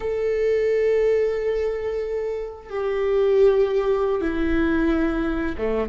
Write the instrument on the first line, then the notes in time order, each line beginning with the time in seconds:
viola
0.00 A4
2.69 G4
4.21 E4
5.57 A3